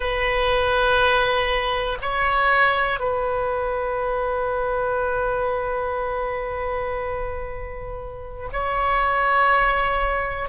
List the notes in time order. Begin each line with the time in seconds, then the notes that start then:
0.00 B4
2.01 C#5
2.99 B4
8.52 C#5